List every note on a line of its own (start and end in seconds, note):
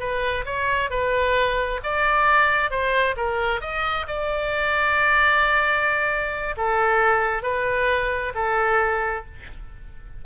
0.00 0.45 B4
0.45 0.90 C#5
0.90 1.80 B4
1.83 2.70 D5
2.70 3.16 C5
3.16 3.61 A#4
3.61 4.06 D#5
4.07 6.56 D5
6.57 7.43 A4
7.43 8.33 B4
8.35 9.25 A4